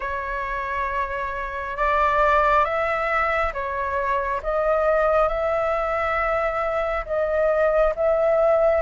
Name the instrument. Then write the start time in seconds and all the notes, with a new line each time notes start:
flute
0.00 C#5
1.76 D5
2.64 E5
3.53 C#5
4.42 D#5
5.28 E5
7.05 D#5
7.95 E5